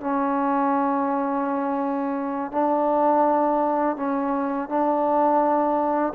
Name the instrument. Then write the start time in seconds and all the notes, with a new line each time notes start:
trombone
0.00 C#4
2.51 D4
3.96 C#4
4.69 D4